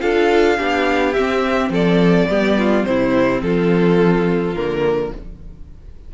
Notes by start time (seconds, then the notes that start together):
0.00 D4 F4 A4 F5
0.57 B3 D4 G4
1.13 C4 E5
1.69 F3 A4 D5
2.28 G3 B3 G4
2.58 F4
2.83 C3 C4 E4 C5
3.41 F3 F4 A4
4.55 D3 A#3 A#4